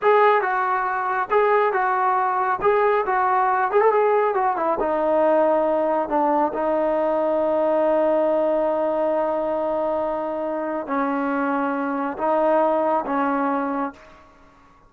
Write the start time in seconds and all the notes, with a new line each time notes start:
0.01 G#4
0.41 F#4
1.30 G#4
1.72 F#4
2.61 G#4
3.06 F#4
3.71 G#4
3.81 A4
3.92 G#4
4.34 F#4
4.56 E4
4.79 D#4
6.08 D4
6.53 D#4
10.86 C#4
12.17 D#4
13.06 C#4